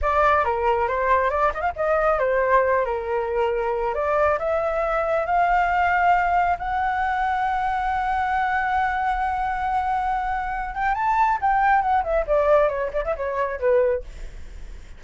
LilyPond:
\new Staff \with { instrumentName = "flute" } { \time 4/4 \tempo 4 = 137 d''4 ais'4 c''4 d''8 dis''16 f''16 | dis''4 c''4. ais'4.~ | ais'4 d''4 e''2 | f''2. fis''4~ |
fis''1~ | fis''1~ | fis''8 g''8 a''4 g''4 fis''8 e''8 | d''4 cis''8 d''16 e''16 cis''4 b'4 | }